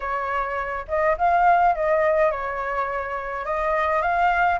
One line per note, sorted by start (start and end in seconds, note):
0.00 0.86 C#5
0.88 1.16 D#5
1.17 1.75 F5
1.75 2.31 D#5
2.31 3.45 C#5
3.45 4.02 D#5
4.02 4.59 F5